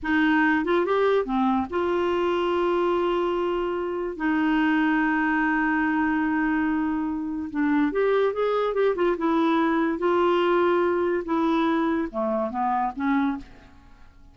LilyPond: \new Staff \with { instrumentName = "clarinet" } { \time 4/4 \tempo 4 = 144 dis'4. f'8 g'4 c'4 | f'1~ | f'2 dis'2~ | dis'1~ |
dis'2 d'4 g'4 | gis'4 g'8 f'8 e'2 | f'2. e'4~ | e'4 a4 b4 cis'4 | }